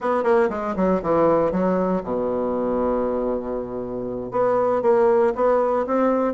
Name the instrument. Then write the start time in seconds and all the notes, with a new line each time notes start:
bassoon
0.00 B3
0.23 A#3
0.49 G#3
0.76 F#3
1.02 E3
1.51 F#3
2.03 B2
4.31 B3
4.82 A#3
5.35 B3
5.86 C4